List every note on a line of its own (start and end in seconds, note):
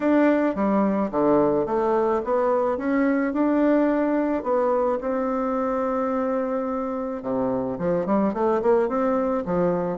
0.00 0.55 D4
0.55 1.11 G3
1.11 1.66 D3
1.66 2.21 A3
2.24 2.77 B3
2.77 3.33 C#4
3.33 4.43 D4
4.43 4.98 B3
5.00 7.22 C4
7.22 7.78 C3
7.78 8.06 F3
8.06 8.33 G3
8.33 8.61 A3
8.61 8.88 A#3
8.88 9.43 C4
9.45 9.97 F3